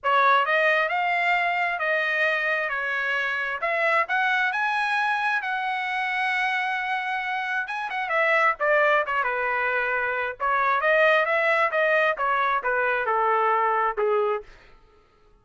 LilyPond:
\new Staff \with { instrumentName = "trumpet" } { \time 4/4 \tempo 4 = 133 cis''4 dis''4 f''2 | dis''2 cis''2 | e''4 fis''4 gis''2 | fis''1~ |
fis''4 gis''8 fis''8 e''4 d''4 | cis''8 b'2~ b'8 cis''4 | dis''4 e''4 dis''4 cis''4 | b'4 a'2 gis'4 | }